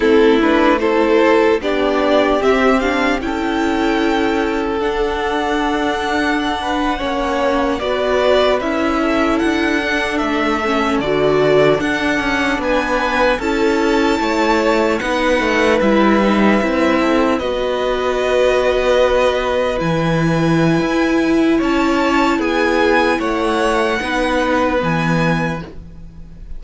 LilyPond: <<
  \new Staff \with { instrumentName = "violin" } { \time 4/4 \tempo 4 = 75 a'8 b'8 c''4 d''4 e''8 f''8 | g''2 fis''2~ | fis''4.~ fis''16 d''4 e''4 fis''16~ | fis''8. e''4 d''4 fis''4 gis''16~ |
gis''8. a''2 fis''4 e''16~ | e''4.~ e''16 dis''2~ dis''16~ | dis''8. gis''2~ gis''16 a''4 | gis''4 fis''2 gis''4 | }
  \new Staff \with { instrumentName = "violin" } { \time 4/4 e'4 a'4 g'2 | a'1~ | a'16 b'8 cis''4 b'4. a'8.~ | a'2.~ a'8. b'16~ |
b'8. a'4 cis''4 b'4~ b'16~ | b'4~ b'16 a'8 b'2~ b'16~ | b'2. cis''4 | gis'4 cis''4 b'2 | }
  \new Staff \with { instrumentName = "viola" } { \time 4/4 c'8 d'8 e'4 d'4 c'8 d'8 | e'2 d'2~ | d'8. cis'4 fis'4 e'4~ e'16~ | e'16 d'4 cis'8 fis'4 d'4~ d'16~ |
d'8. e'2 dis'4 e'16~ | e'16 dis'8 e'4 fis'2~ fis'16~ | fis'8. e'2.~ e'16~ | e'2 dis'4 b4 | }
  \new Staff \with { instrumentName = "cello" } { \time 4/4 a2 b4 c'4 | cis'2 d'2~ | d'8. ais4 b4 cis'4 d'16~ | d'8. a4 d4 d'8 cis'8 b16~ |
b8. cis'4 a4 b8 a8 g16~ | g8. c'4 b2~ b16~ | b8. e4~ e16 e'4 cis'4 | b4 a4 b4 e4 | }
>>